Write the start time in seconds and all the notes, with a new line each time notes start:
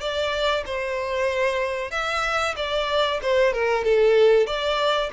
0.00 D5
0.65 C5
1.91 E5
2.56 D5
3.22 C5
3.53 A#4
3.84 A4
4.46 D5